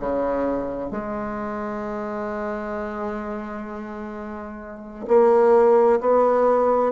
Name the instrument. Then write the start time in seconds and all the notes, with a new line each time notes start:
bassoon
0.00 C#3
0.91 G#3
5.08 A#3
6.01 B3